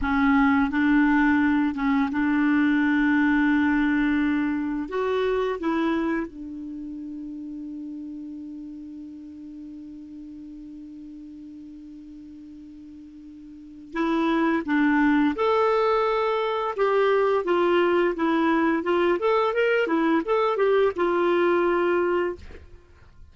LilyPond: \new Staff \with { instrumentName = "clarinet" } { \time 4/4 \tempo 4 = 86 cis'4 d'4. cis'8 d'4~ | d'2. fis'4 | e'4 d'2.~ | d'1~ |
d'1 | e'4 d'4 a'2 | g'4 f'4 e'4 f'8 a'8 | ais'8 e'8 a'8 g'8 f'2 | }